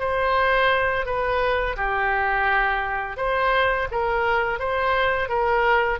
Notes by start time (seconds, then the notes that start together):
0.00 C5
1.06 B4
1.76 G4
3.17 C5
3.91 A#4
4.59 C5
5.29 A#4